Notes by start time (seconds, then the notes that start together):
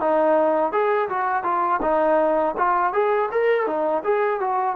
0.00 D#4
0.72 G#4
1.09 F#4
1.43 F4
1.81 D#4
2.57 F4
2.93 G#4
3.31 A#4
3.66 D#4
4.03 G#4
4.40 F#4